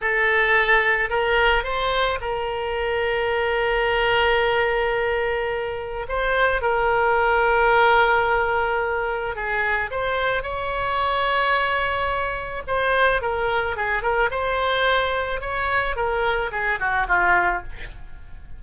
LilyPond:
\new Staff \with { instrumentName = "oboe" } { \time 4/4 \tempo 4 = 109 a'2 ais'4 c''4 | ais'1~ | ais'2. c''4 | ais'1~ |
ais'4 gis'4 c''4 cis''4~ | cis''2. c''4 | ais'4 gis'8 ais'8 c''2 | cis''4 ais'4 gis'8 fis'8 f'4 | }